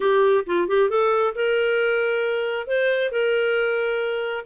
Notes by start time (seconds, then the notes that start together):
0.00 G4
0.46 F4
0.68 G4
0.89 A4
1.35 A#4
2.67 C5
3.11 A#4